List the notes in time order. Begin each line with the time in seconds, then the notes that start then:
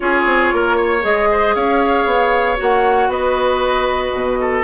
0.00 C#4 F4 G#4 C#5
0.25 C4
0.53 A#3 A#4
0.76 C#5
1.01 G#3 G#4 D#5
1.31 C5
1.54 C#4 C#5 F5
2.05 B3
2.56 A#3 F#4 F#5
3.07 B3 B4 D#5
4.12 B2
4.40 A4